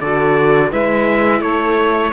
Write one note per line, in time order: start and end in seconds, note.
0.00 0.72 D3
0.00 0.71 F#4
0.00 0.71 A4
0.00 0.71 D5
0.71 1.41 G#3
0.71 2.13 E4
0.71 1.41 B4
0.71 1.41 E5
1.41 2.12 A3
1.41 2.12 A4
1.41 2.13 C#5